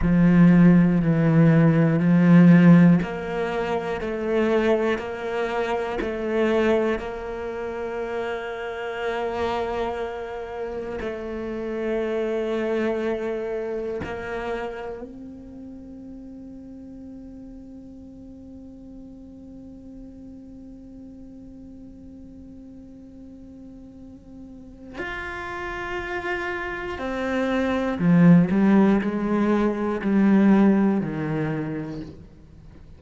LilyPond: \new Staff \with { instrumentName = "cello" } { \time 4/4 \tempo 4 = 60 f4 e4 f4 ais4 | a4 ais4 a4 ais4~ | ais2. a4~ | a2 ais4 c'4~ |
c'1~ | c'1~ | c'4 f'2 c'4 | f8 g8 gis4 g4 dis4 | }